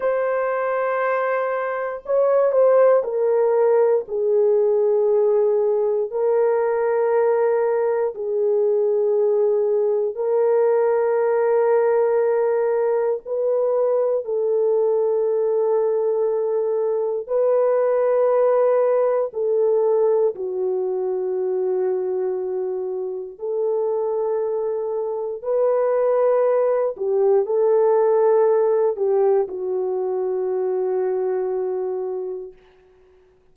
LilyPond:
\new Staff \with { instrumentName = "horn" } { \time 4/4 \tempo 4 = 59 c''2 cis''8 c''8 ais'4 | gis'2 ais'2 | gis'2 ais'2~ | ais'4 b'4 a'2~ |
a'4 b'2 a'4 | fis'2. a'4~ | a'4 b'4. g'8 a'4~ | a'8 g'8 fis'2. | }